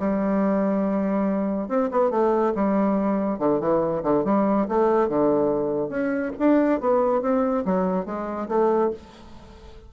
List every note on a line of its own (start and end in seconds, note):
0.00 1.69 G3
1.69 1.90 C4
1.92 2.11 B3
2.11 2.54 A3
2.55 3.39 G3
3.39 3.61 D3
3.61 4.03 E3
4.04 4.25 D3
4.25 4.68 G3
4.69 5.09 A3
5.09 5.90 D3
5.90 6.32 C#4
6.39 6.81 D4
6.81 7.22 B3
7.22 7.65 C4
7.66 8.06 F#3
8.06 8.49 G#3
8.49 8.91 A3